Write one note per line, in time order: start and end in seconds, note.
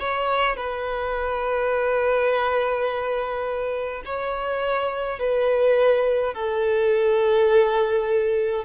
0.00 0.57 C#5
0.57 4.03 B4
4.05 5.19 C#5
5.19 6.35 B4
6.35 8.65 A4